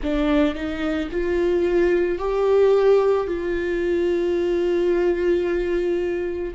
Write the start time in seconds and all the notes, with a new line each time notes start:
0.02 D4
0.55 D#4
1.11 F4
2.18 G4
3.27 F4